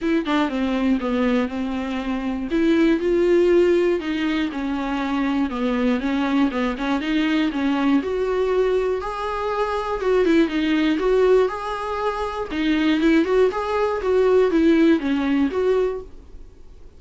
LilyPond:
\new Staff \with { instrumentName = "viola" } { \time 4/4 \tempo 4 = 120 e'8 d'8 c'4 b4 c'4~ | c'4 e'4 f'2 | dis'4 cis'2 b4 | cis'4 b8 cis'8 dis'4 cis'4 |
fis'2 gis'2 | fis'8 e'8 dis'4 fis'4 gis'4~ | gis'4 dis'4 e'8 fis'8 gis'4 | fis'4 e'4 cis'4 fis'4 | }